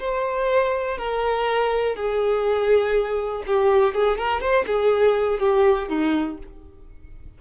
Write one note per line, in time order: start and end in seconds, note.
0.00 0.98 C5
0.98 1.96 A#4
1.96 3.44 G#4
3.47 3.95 G4
3.95 4.18 G#4
4.18 4.41 A#4
4.41 4.66 C5
4.67 5.40 G#4
5.40 5.89 G4
5.89 6.38 D#4